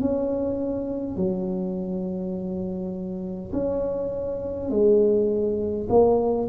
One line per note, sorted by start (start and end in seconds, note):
0.00 1.16 C#4
1.16 3.51 F#3
3.52 4.70 C#4
4.70 5.87 G#3
5.89 6.48 A#3